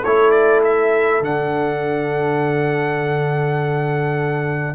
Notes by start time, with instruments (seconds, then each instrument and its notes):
0.00 tuba A3, horn A4, trumpet C#5
0.06 trombone E4
0.31 trumpet D5
0.64 trumpet E5
1.21 tuba D3, trombone D4, trumpet F#5